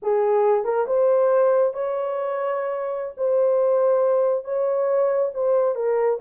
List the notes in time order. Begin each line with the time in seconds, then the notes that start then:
0.02 G#4
0.64 A#4
0.86 C5
1.73 C#5
3.17 C5
4.44 C#5
5.33 C5
5.75 A#4